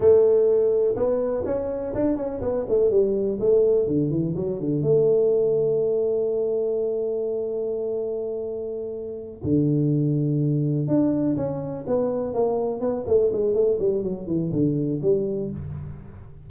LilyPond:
\new Staff \with { instrumentName = "tuba" } { \time 4/4 \tempo 4 = 124 a2 b4 cis'4 | d'8 cis'8 b8 a8 g4 a4 | d8 e8 fis8 d8 a2~ | a1~ |
a2.~ a8 d8~ | d2~ d8 d'4 cis'8~ | cis'8 b4 ais4 b8 a8 gis8 | a8 g8 fis8 e8 d4 g4 | }